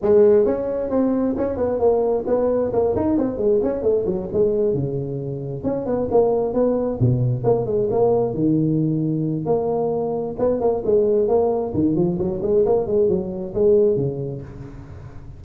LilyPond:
\new Staff \with { instrumentName = "tuba" } { \time 4/4 \tempo 4 = 133 gis4 cis'4 c'4 cis'8 b8 | ais4 b4 ais8 dis'8 c'8 gis8 | cis'8 a8 fis8 gis4 cis4.~ | cis8 cis'8 b8 ais4 b4 b,8~ |
b,8 ais8 gis8 ais4 dis4.~ | dis4 ais2 b8 ais8 | gis4 ais4 dis8 f8 fis8 gis8 | ais8 gis8 fis4 gis4 cis4 | }